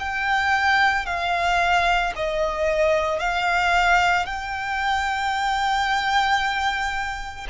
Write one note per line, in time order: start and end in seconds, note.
0.00 1.06 G5
1.06 2.13 F5
2.16 3.20 D#5
3.20 4.26 F5
4.26 7.48 G5